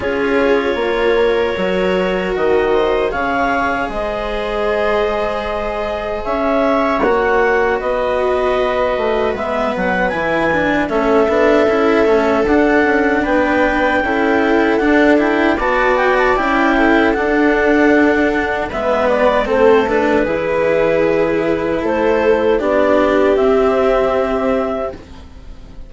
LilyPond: <<
  \new Staff \with { instrumentName = "clarinet" } { \time 4/4 \tempo 4 = 77 cis''2. dis''4 | f''4 dis''2. | e''4 fis''4 dis''2 | e''8 fis''8 gis''4 e''2 |
fis''4 g''2 fis''8 g''8 | a''8 g''16 a''16 g''4 fis''2 | e''8 d''8 c''8 b'2~ b'8 | c''4 d''4 e''2 | }
  \new Staff \with { instrumentName = "viola" } { \time 4/4 gis'4 ais'2~ ais'8 c''8 | cis''4 c''2. | cis''2 b'2~ | b'2 a'2~ |
a'4 b'4 a'2 | d''4. a'2~ a'8 | b'4 a'4 gis'2 | a'4 g'2. | }
  \new Staff \with { instrumentName = "cello" } { \time 4/4 f'2 fis'2 | gis'1~ | gis'4 fis'2. | b4 e'8 d'8 cis'8 d'8 e'8 cis'8 |
d'2 e'4 d'8 e'8 | fis'4 e'4 d'2 | b4 c'8 d'8 e'2~ | e'4 d'4 c'2 | }
  \new Staff \with { instrumentName = "bassoon" } { \time 4/4 cis'4 ais4 fis4 dis4 | cis4 gis2. | cis'4 ais4 b4. a8 | gis8 fis8 e4 a8 b8 cis'8 a8 |
d'8 cis'8 b4 cis'4 d'4 | b4 cis'4 d'2 | gis4 a4 e2 | a4 b4 c'2 | }
>>